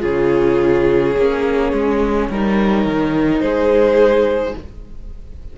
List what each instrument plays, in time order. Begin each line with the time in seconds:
0.00 cello C#3, viola F4, violin G#4 C#5
1.17 cello A#3, viola C#4
1.72 cello G#3
2.29 cello G3, viola D#4, violin A#4
2.84 cello D#3
3.40 cello G#3, violin G#4 C5